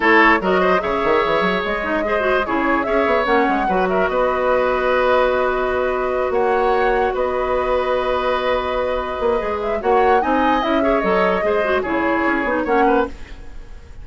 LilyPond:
<<
  \new Staff \with { instrumentName = "flute" } { \time 4/4 \tempo 4 = 147 cis''4 dis''4 e''2 | dis''2 cis''4 e''4 | fis''4. e''8 dis''2~ | dis''2.~ dis''8 fis''8~ |
fis''4. dis''2~ dis''8~ | dis''2.~ dis''8 e''8 | fis''4 gis''4 e''4 dis''4~ | dis''4 cis''2 fis''4 | }
  \new Staff \with { instrumentName = "oboe" } { \time 4/4 a'4 ais'8 c''8 cis''2~ | cis''4 c''4 gis'4 cis''4~ | cis''4 b'8 ais'8 b'2~ | b'2.~ b'8 cis''8~ |
cis''4. b'2~ b'8~ | b'1 | cis''4 dis''4. cis''4. | c''4 gis'2 cis''8 b'8 | }
  \new Staff \with { instrumentName = "clarinet" } { \time 4/4 e'4 fis'4 gis'2~ | gis'8 dis'8 gis'8 fis'8 e'4 gis'4 | cis'4 fis'2.~ | fis'1~ |
fis'1~ | fis'2. gis'4 | fis'4 dis'4 e'8 gis'8 a'4 | gis'8 fis'8 e'4. dis'8 cis'4 | }
  \new Staff \with { instrumentName = "bassoon" } { \time 4/4 a4 fis4 cis8 dis8 e8 fis8 | gis2 cis4 cis'8 b8 | ais8 gis8 fis4 b2~ | b2.~ b8 ais8~ |
ais4. b2~ b8~ | b2~ b8 ais8 gis4 | ais4 c'4 cis'4 fis4 | gis4 cis4 cis'8 b8 ais4 | }
>>